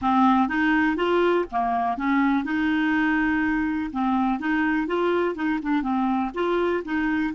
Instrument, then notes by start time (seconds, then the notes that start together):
clarinet
0.01 C4
0.48 D#4
0.96 F4
1.51 A#3
1.97 C#4
2.44 D#4
3.92 C4
4.39 D#4
4.87 F4
5.35 D#4
5.62 D4
5.82 C4
6.34 F4
6.84 D#4